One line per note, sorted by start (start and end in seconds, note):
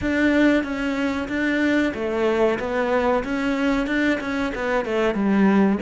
0.01 0.63 D4
0.63 1.28 C#4
1.28 1.92 D4
1.94 2.58 A3
2.59 3.23 B3
3.24 3.87 C#4
3.87 4.19 D4
4.20 4.52 C#4
4.54 4.85 B3
4.85 5.14 A3
5.14 5.78 G3